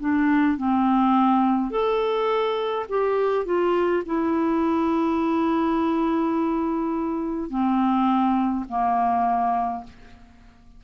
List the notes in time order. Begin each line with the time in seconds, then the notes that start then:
0.00 D4
0.58 C4
1.70 A4
2.90 G4
3.46 F4
4.06 E4
7.50 C4
8.69 A#3